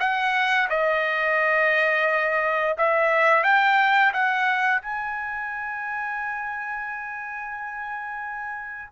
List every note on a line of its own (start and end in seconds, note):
0.00 0.69 F#5
0.70 2.77 D#5
2.78 3.44 E5
3.44 4.13 G5
4.14 4.82 F#5
4.82 8.93 G#5